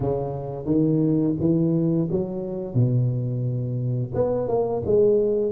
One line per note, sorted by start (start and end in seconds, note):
0.00 0.65 C#3
0.65 1.34 D#3
1.39 2.08 E3
2.10 2.74 F#3
2.74 4.12 B2
4.14 4.48 B3
4.48 4.82 A#3
4.85 5.51 G#3